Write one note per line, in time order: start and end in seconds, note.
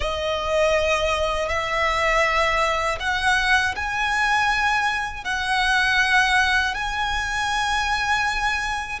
0.00 1.48 D#5
1.48 2.98 E5
2.99 3.74 F#5
3.75 5.24 G#5
5.24 6.74 F#5
6.74 8.99 G#5